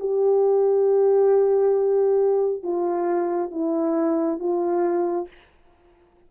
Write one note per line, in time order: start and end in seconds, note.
0.00 2.64 G4
2.64 3.51 F4
3.51 4.40 E4
4.40 5.28 F4